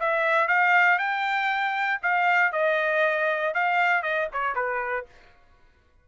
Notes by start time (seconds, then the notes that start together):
0.00 E5
0.48 F5
0.99 G5
2.02 F5
2.52 D#5
3.54 F5
4.03 D#5
4.33 C#5
4.55 B4